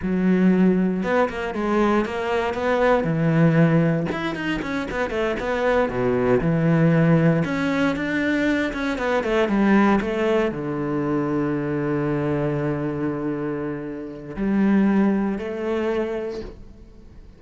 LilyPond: \new Staff \with { instrumentName = "cello" } { \time 4/4 \tempo 4 = 117 fis2 b8 ais8 gis4 | ais4 b4 e2 | e'8 dis'8 cis'8 b8 a8 b4 b,8~ | b,8 e2 cis'4 d'8~ |
d'4 cis'8 b8 a8 g4 a8~ | a8 d2.~ d8~ | d1 | g2 a2 | }